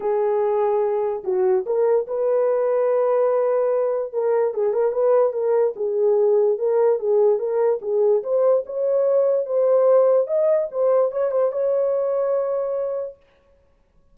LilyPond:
\new Staff \with { instrumentName = "horn" } { \time 4/4 \tempo 4 = 146 gis'2. fis'4 | ais'4 b'2.~ | b'2 ais'4 gis'8 ais'8 | b'4 ais'4 gis'2 |
ais'4 gis'4 ais'4 gis'4 | c''4 cis''2 c''4~ | c''4 dis''4 c''4 cis''8 c''8 | cis''1 | }